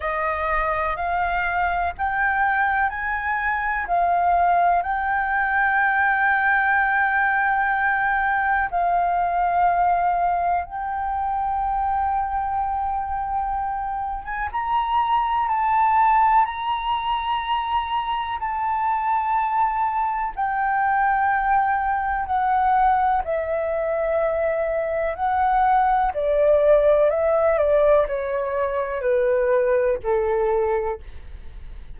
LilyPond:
\new Staff \with { instrumentName = "flute" } { \time 4/4 \tempo 4 = 62 dis''4 f''4 g''4 gis''4 | f''4 g''2.~ | g''4 f''2 g''4~ | g''2~ g''8. gis''16 ais''4 |
a''4 ais''2 a''4~ | a''4 g''2 fis''4 | e''2 fis''4 d''4 | e''8 d''8 cis''4 b'4 a'4 | }